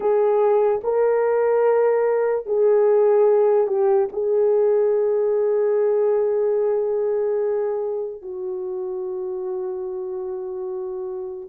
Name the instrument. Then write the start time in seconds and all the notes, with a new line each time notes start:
horn
0.00 G#4
0.83 A#4
2.45 G#4
3.67 G4
4.12 G#4
8.22 F#4